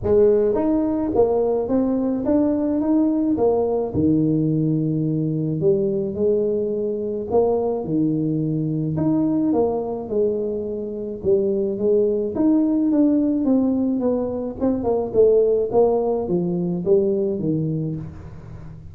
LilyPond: \new Staff \with { instrumentName = "tuba" } { \time 4/4 \tempo 4 = 107 gis4 dis'4 ais4 c'4 | d'4 dis'4 ais4 dis4~ | dis2 g4 gis4~ | gis4 ais4 dis2 |
dis'4 ais4 gis2 | g4 gis4 dis'4 d'4 | c'4 b4 c'8 ais8 a4 | ais4 f4 g4 dis4 | }